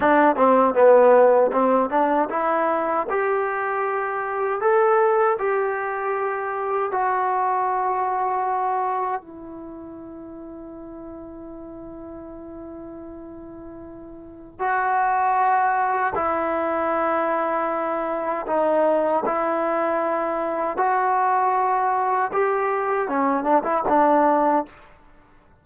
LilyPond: \new Staff \with { instrumentName = "trombone" } { \time 4/4 \tempo 4 = 78 d'8 c'8 b4 c'8 d'8 e'4 | g'2 a'4 g'4~ | g'4 fis'2. | e'1~ |
e'2. fis'4~ | fis'4 e'2. | dis'4 e'2 fis'4~ | fis'4 g'4 cis'8 d'16 e'16 d'4 | }